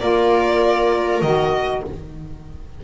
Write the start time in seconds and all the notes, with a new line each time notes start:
0.00 A#3 F4 A#4 D5
1.22 D#3 F#4 D#5